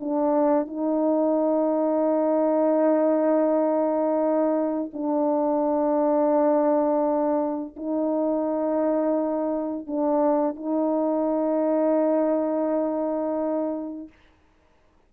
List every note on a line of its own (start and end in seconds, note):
0.00 0.67 D4
0.67 4.91 D#4
4.93 7.76 D4
7.76 9.87 D#4
9.87 10.56 D4
10.56 14.09 D#4